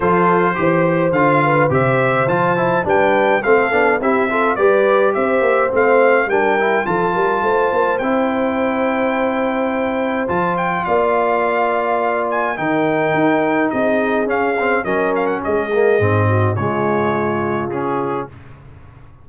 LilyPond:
<<
  \new Staff \with { instrumentName = "trumpet" } { \time 4/4 \tempo 4 = 105 c''2 f''4 e''4 | a''4 g''4 f''4 e''4 | d''4 e''4 f''4 g''4 | a''2 g''2~ |
g''2 a''8 g''8 f''4~ | f''4. gis''8 g''2 | dis''4 f''4 dis''8 f''16 fis''16 dis''4~ | dis''4 cis''2 gis'4 | }
  \new Staff \with { instrumentName = "horn" } { \time 4/4 a'4 c''4. b'8 c''4~ | c''4 b'4 a'4 g'8 a'8 | b'4 c''2 ais'4 | a'8 ais'8 c''2.~ |
c''2. d''4~ | d''2 ais'2 | gis'2 ais'4 gis'4~ | gis'8 fis'8 f'2. | }
  \new Staff \with { instrumentName = "trombone" } { \time 4/4 f'4 g'4 f'4 g'4 | f'8 e'8 d'4 c'8 d'8 e'8 f'8 | g'2 c'4 d'8 e'8 | f'2 e'2~ |
e'2 f'2~ | f'2 dis'2~ | dis'4 cis'8 c'8 cis'4. ais8 | c'4 gis2 cis'4 | }
  \new Staff \with { instrumentName = "tuba" } { \time 4/4 f4 e4 d4 c4 | f4 g4 a8 b8 c'4 | g4 c'8 ais8 a4 g4 | f8 g8 a8 ais8 c'2~ |
c'2 f4 ais4~ | ais2 dis4 dis'4 | c'4 cis'4 fis4 gis4 | gis,4 cis2. | }
>>